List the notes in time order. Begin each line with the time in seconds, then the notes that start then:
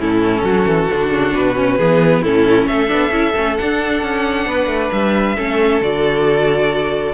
0.00 A2 C#4 E4 A4
0.43 F#3 F#4
0.66 E3
0.92 D3 D4
1.10 C#3
1.34 B2 B4
1.56 C#4
1.77 E3 B3 G#4
2.22 A2 C#4 E4 A4
2.68 A3 A4 E5
2.88 B3 D4
3.11 C#4 E4
3.36 A3 C#4
3.57 D4 F#5
4.02 C#4
4.47 B3 B4
4.67 A3
4.92 G3 E5
5.36 A3 C#4 A4
5.81 D3 F#4 D5